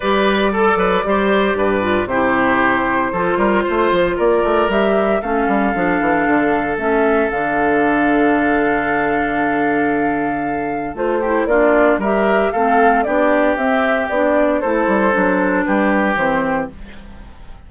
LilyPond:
<<
  \new Staff \with { instrumentName = "flute" } { \time 4/4 \tempo 4 = 115 d''1 | c''1 | d''4 e''4 f''2~ | f''4 e''4 f''2~ |
f''1~ | f''4 c''4 d''4 e''4 | f''4 d''4 e''4 d''4 | c''2 b'4 c''4 | }
  \new Staff \with { instrumentName = "oboe" } { \time 4/4 b'4 a'8 b'8 c''4 b'4 | g'2 a'8 ais'8 c''4 | ais'2 a'2~ | a'1~ |
a'1~ | a'4. g'8 f'4 ais'4 | a'4 g'2. | a'2 g'2 | }
  \new Staff \with { instrumentName = "clarinet" } { \time 4/4 g'4 a'4 g'4. f'8 | e'2 f'2~ | f'4 g'4 cis'4 d'4~ | d'4 cis'4 d'2~ |
d'1~ | d'4 f'8 e'8 d'4 g'4 | c'4 d'4 c'4 d'4 | e'4 d'2 c'4 | }
  \new Staff \with { instrumentName = "bassoon" } { \time 4/4 g4. fis8 g4 g,4 | c2 f8 g8 a8 f8 | ais8 a8 g4 a8 g8 f8 e8 | d4 a4 d2~ |
d1~ | d4 a4 ais4 g4 | a4 b4 c'4 b4 | a8 g8 fis4 g4 e4 | }
>>